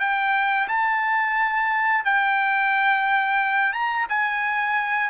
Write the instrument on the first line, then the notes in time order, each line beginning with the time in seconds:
trumpet
0.00 G5
0.68 A5
2.05 G5
3.73 A#5
4.09 G#5